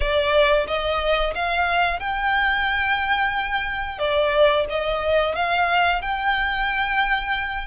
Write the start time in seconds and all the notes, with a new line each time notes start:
0.00 D5
0.67 D#5
1.35 F5
1.99 G5
3.98 D5
4.69 D#5
5.35 F5
6.02 G5